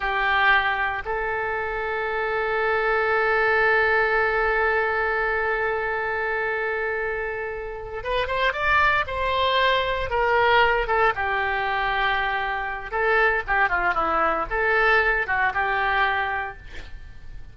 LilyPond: \new Staff \with { instrumentName = "oboe" } { \time 4/4 \tempo 4 = 116 g'2 a'2~ | a'1~ | a'1~ | a'2.~ a'8 b'8 |
c''8 d''4 c''2 ais'8~ | ais'4 a'8 g'2~ g'8~ | g'4 a'4 g'8 f'8 e'4 | a'4. fis'8 g'2 | }